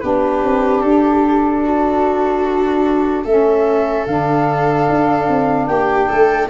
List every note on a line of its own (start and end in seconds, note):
0.00 0.43 B3
0.00 3.26 D4
0.00 1.64 G4
0.00 0.81 B4
0.43 0.82 C4
0.81 3.25 D4
0.81 3.24 A4
1.64 3.24 F#4
3.24 4.06 A3
3.24 4.07 C#4
3.24 5.67 A4
3.24 4.06 E5
4.06 4.88 D3
4.06 6.50 D4
4.06 5.67 F5
4.89 5.28 D4
5.28 5.67 C4
5.67 6.08 A#3
5.67 6.09 G4
5.67 6.48 G5
6.09 6.50 A3
6.09 6.49 A4